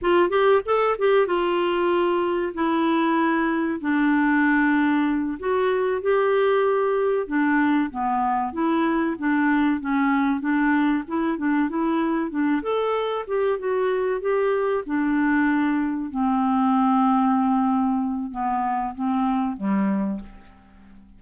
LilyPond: \new Staff \with { instrumentName = "clarinet" } { \time 4/4 \tempo 4 = 95 f'8 g'8 a'8 g'8 f'2 | e'2 d'2~ | d'8 fis'4 g'2 d'8~ | d'8 b4 e'4 d'4 cis'8~ |
cis'8 d'4 e'8 d'8 e'4 d'8 | a'4 g'8 fis'4 g'4 d'8~ | d'4. c'2~ c'8~ | c'4 b4 c'4 g4 | }